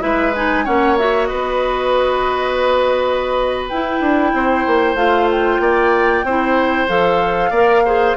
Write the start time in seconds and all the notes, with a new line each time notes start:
0.00 G#3 E4 B4 E5
0.35 D#4 G#5
0.64 A#3 C#4 C#5 F#5
0.98 F#4 E5
1.25 B3 B4 D#5
3.68 E4 G5
4.00 D4
4.33 C4 C5
4.66 A#3
4.94 A3 F4 F5
5.31 G5
5.59 A#3 D5
6.23 C4 E4 C5
6.88 F3 A4 F5
7.50 A#3 A#4 D5
7.85 G#4 C5